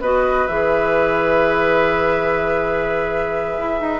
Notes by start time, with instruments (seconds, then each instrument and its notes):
0.00 bassoon B3, clarinet F#4, oboe B4, flute D#5
0.47 bassoon E3, clarinet G#4, flute E5
3.58 bassoon E4
3.80 bassoon D#4